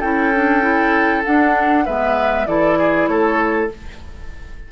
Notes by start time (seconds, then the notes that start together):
0.00 C#4 E4 A4 G5
0.35 D4
0.62 E4
1.24 D4 F#5
1.85 G#3 B3 B4 E5
2.46 E3 E4 A4 D5
2.78 G#4
3.07 A3 A4 C#5